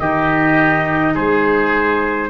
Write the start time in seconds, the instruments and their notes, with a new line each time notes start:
0.00 tuba D#3, clarinet D#4, oboe G4, trumpet D#5
1.14 tuba G#3, oboe G#4, trumpet C5